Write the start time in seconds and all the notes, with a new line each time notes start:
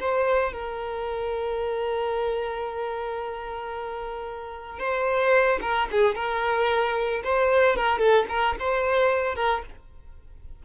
0.00 C5
0.53 A#4
4.79 C5
5.62 A#4
5.91 G#4
6.15 A#4
7.24 C5
7.76 A#4
7.99 A4
8.29 A#4
8.59 C5
9.36 A#4